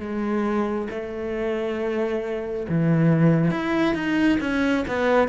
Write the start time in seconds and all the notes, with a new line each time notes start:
0.00 G#3
0.91 A3
2.69 E3
3.51 E4
3.95 D#4
4.41 C#4
4.88 B3